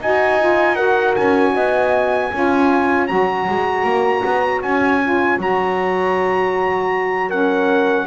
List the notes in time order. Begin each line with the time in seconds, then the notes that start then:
0.00 D#4 F#4 D#5 G#5
0.40 F4
0.75 F#4 A#4 F#5
1.15 C#4 G#5
1.53 B3 D#5
2.30 C#4 F4 C#5
3.07 F#3 F#4 A#5
3.48 G#3
3.84 A#3
4.25 B3
4.62 C#4 G#5
5.03 F4
5.36 F#3 F#4 A#5
7.29 C#4 A#4 F#5